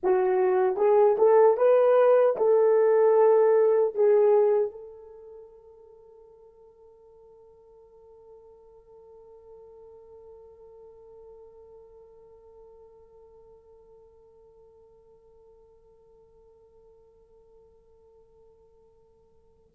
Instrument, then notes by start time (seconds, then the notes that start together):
horn
0.03 F#4
0.76 G#4
1.18 A4
1.57 B4
2.36 A4
3.94 G#4
4.71 A4